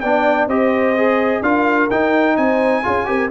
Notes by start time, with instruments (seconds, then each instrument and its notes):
0.00 tuba B3, trombone D4, horn D5, trumpet G5
0.47 tuba C4, trombone G4, horn C5, trumpet D#5
0.97 trombone G#4
1.42 tuba D4, trombone F4, horn A#4, trumpet F5
1.90 tuba D#4, trombone D#4, trumpet G5
2.37 tuba C4, horn C5, trumpet G#5
2.83 tuba C#4, trombone F4, horn G#4
3.05 tuba C4, trombone G4, horn A#4